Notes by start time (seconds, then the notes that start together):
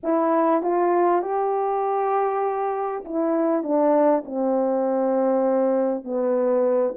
0.03 E4
0.62 F4
1.21 G4
3.04 E4
3.63 D4
4.25 C4
6.03 B3